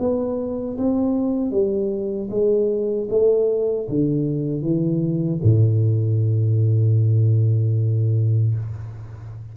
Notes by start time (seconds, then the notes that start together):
0.00 B3
0.78 C4
1.52 G3
2.31 G#3
3.10 A3
3.90 D3
4.62 E3
5.44 A2